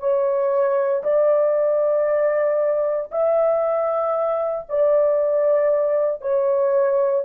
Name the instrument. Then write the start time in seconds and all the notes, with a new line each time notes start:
horn
0.00 C#5
1.04 D5
3.12 E5
4.69 D5
6.22 C#5